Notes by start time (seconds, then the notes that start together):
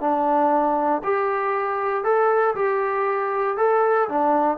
0.00 D4
1.03 G4
2.03 A4
2.55 G4
3.57 A4
4.08 D4